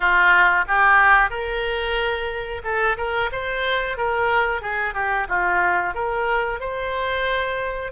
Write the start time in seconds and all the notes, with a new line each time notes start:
0.00 F4
0.67 G4
1.30 A#4
2.63 A4
2.97 A#4
3.31 C5
3.97 A#4
4.61 G#4
4.94 G4
5.28 F4
5.94 A#4
6.60 C5